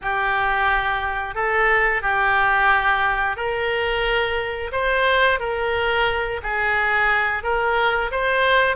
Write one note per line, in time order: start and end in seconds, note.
0.01 1.34 G4
1.34 2.01 A4
2.01 3.36 G4
3.36 4.71 A#4
4.72 5.39 C5
5.39 6.40 A#4
6.42 7.43 G#4
7.43 8.10 A#4
8.11 8.76 C5